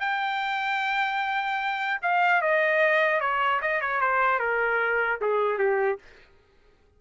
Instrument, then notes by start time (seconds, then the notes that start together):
trumpet
0.00 G5
2.02 F5
2.41 D#5
3.20 C#5
3.62 D#5
3.81 C#5
4.01 C5
4.39 A#4
5.21 G#4
5.59 G4